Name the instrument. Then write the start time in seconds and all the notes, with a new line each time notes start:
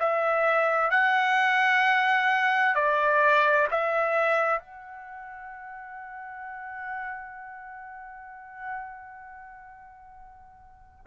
trumpet
0.00 E5
0.91 F#5
2.76 D5
3.71 E5
4.60 F#5